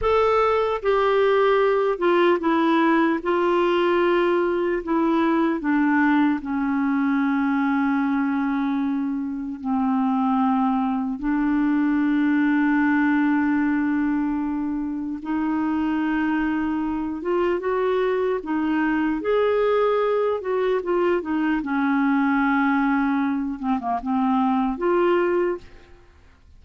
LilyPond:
\new Staff \with { instrumentName = "clarinet" } { \time 4/4 \tempo 4 = 75 a'4 g'4. f'8 e'4 | f'2 e'4 d'4 | cis'1 | c'2 d'2~ |
d'2. dis'4~ | dis'4. f'8 fis'4 dis'4 | gis'4. fis'8 f'8 dis'8 cis'4~ | cis'4. c'16 ais16 c'4 f'4 | }